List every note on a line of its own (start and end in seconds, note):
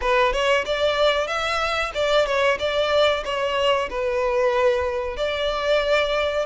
0.01 0.32 B4
0.32 0.65 C#5
0.65 1.27 D5
1.27 1.91 E5
1.94 2.26 D5
2.26 2.58 C#5
2.59 3.23 D5
3.24 3.89 C#5
3.89 5.16 B4
5.16 6.45 D5